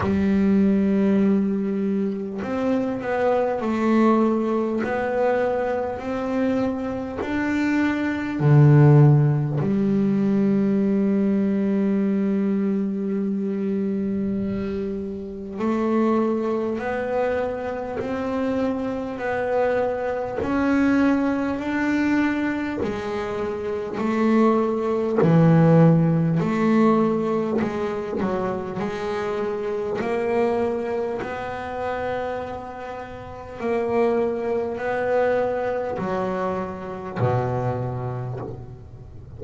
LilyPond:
\new Staff \with { instrumentName = "double bass" } { \time 4/4 \tempo 4 = 50 g2 c'8 b8 a4 | b4 c'4 d'4 d4 | g1~ | g4 a4 b4 c'4 |
b4 cis'4 d'4 gis4 | a4 e4 a4 gis8 fis8 | gis4 ais4 b2 | ais4 b4 fis4 b,4 | }